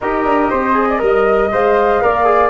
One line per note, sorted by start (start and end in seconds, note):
0.01 0.24 D#4
0.01 0.73 G4
0.01 0.50 A#4
0.01 1.52 D#5
0.24 0.49 D4
0.50 1.01 C4
0.50 0.87 C5
0.73 0.98 G#4
0.88 1.01 D5
0.98 1.52 G3
0.98 1.49 A#4
1.04 2.03 D#5
1.52 2.03 G#3
1.52 2.01 C5
1.52 2.49 F5
2.01 2.49 A#3
2.01 2.24 A#4
2.01 2.49 D5
2.24 2.49 G#4